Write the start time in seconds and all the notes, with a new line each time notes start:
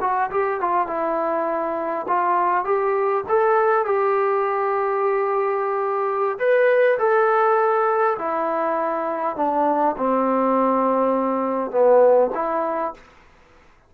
0.00 F#4
0.31 G4
0.60 F4
0.87 E4
2.07 F4
2.64 G4
3.28 A4
3.85 G4
6.38 B4
6.98 A4
8.18 E4
9.36 D4
9.97 C4
11.71 B3
12.34 E4